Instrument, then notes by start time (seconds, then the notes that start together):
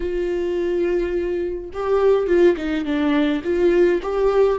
viola
0.00 F4
1.73 G4
2.27 F4
2.56 D#4
2.84 D4
3.44 F4
4.02 G4